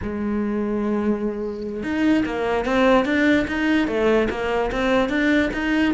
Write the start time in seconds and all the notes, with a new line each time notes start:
0.02 G#3
1.83 D#4
2.25 A#3
2.65 C4
3.05 D4
3.47 D#4
3.87 A3
4.30 A#3
4.71 C4
5.09 D4
5.53 D#4